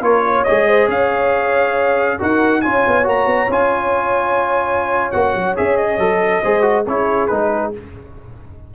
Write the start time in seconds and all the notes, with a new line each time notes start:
0.00 A#3 F4 A#4 C#5
0.24 C#5
0.44 G#4 D#5
0.50 G#3
0.67 C5
0.87 C#4 C#5 F5
2.19 D#4 F#4 A#4 F#5
2.61 C#4 F4 C#5 G#5
2.86 B3
3.03 A#3 F#4 A#5
3.26 B3
3.48 C#4 F4 G#5
5.11 A#3 F#4 F#5
5.34 F#3
5.56 C#4 G#4 E5
5.77 D#5
5.98 F#3 A4
6.42 G#3 G#4 C5
6.61 F#4
6.85 C#4 E4 G#4 C#5
7.27 G#3 D#4 B4